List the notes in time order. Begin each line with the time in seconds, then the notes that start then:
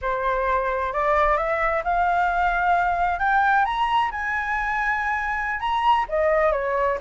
0.01 C5
0.93 D5
1.37 E5
1.84 F5
3.19 G5
3.65 A#5
4.11 G#5
5.59 A#5
6.08 D#5
6.52 C#5